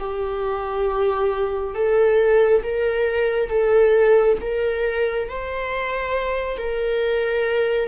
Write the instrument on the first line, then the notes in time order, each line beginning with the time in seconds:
viola
0.00 G4
1.74 A4
2.64 A#4
3.50 A4
4.42 A#4
5.29 C5
6.58 A#4